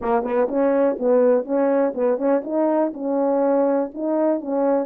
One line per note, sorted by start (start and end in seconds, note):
0.01 0.23 A#3
0.23 0.47 B3
0.48 0.97 C#4
0.98 1.44 B3
1.44 1.93 C#4
1.94 2.17 B3
2.17 2.41 C#4
2.43 2.92 D#4
2.93 3.91 C#4
3.94 4.41 D#4
4.41 4.86 C#4